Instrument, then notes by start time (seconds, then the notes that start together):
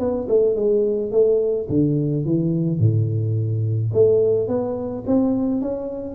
tuba
0.00 B3
0.29 A3
0.56 G#3
1.12 A3
1.70 D3
2.26 E3
2.80 A2
3.94 A3
4.48 B3
5.07 C4
5.62 C#4